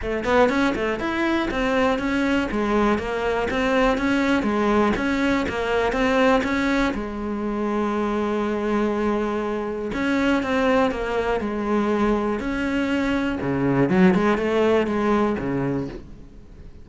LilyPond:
\new Staff \with { instrumentName = "cello" } { \time 4/4 \tempo 4 = 121 a8 b8 cis'8 a8 e'4 c'4 | cis'4 gis4 ais4 c'4 | cis'4 gis4 cis'4 ais4 | c'4 cis'4 gis2~ |
gis1 | cis'4 c'4 ais4 gis4~ | gis4 cis'2 cis4 | fis8 gis8 a4 gis4 cis4 | }